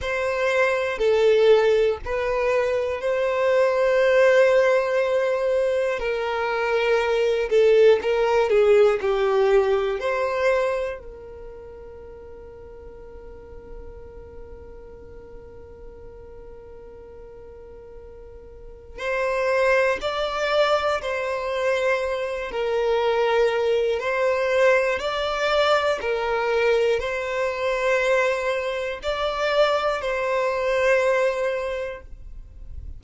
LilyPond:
\new Staff \with { instrumentName = "violin" } { \time 4/4 \tempo 4 = 60 c''4 a'4 b'4 c''4~ | c''2 ais'4. a'8 | ais'8 gis'8 g'4 c''4 ais'4~ | ais'1~ |
ais'2. c''4 | d''4 c''4. ais'4. | c''4 d''4 ais'4 c''4~ | c''4 d''4 c''2 | }